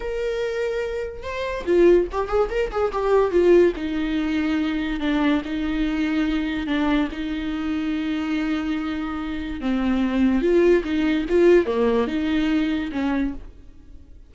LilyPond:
\new Staff \with { instrumentName = "viola" } { \time 4/4 \tempo 4 = 144 ais'2. c''4 | f'4 g'8 gis'8 ais'8 gis'8 g'4 | f'4 dis'2. | d'4 dis'2. |
d'4 dis'2.~ | dis'2. c'4~ | c'4 f'4 dis'4 f'4 | ais4 dis'2 cis'4 | }